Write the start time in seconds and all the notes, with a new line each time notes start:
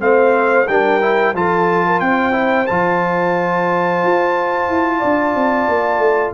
0.00 A3 C4 C5 F5
0.67 G3 D4 A#4 G5
1.01 E4
1.34 F3 F4 A4 A5
1.87 A#4
2.00 C4 C5 G5
2.32 E4
2.67 F3 F4 A5
4.04 F4
4.69 E4
4.99 D4 D5
5.35 C4
5.69 A#3
5.98 A3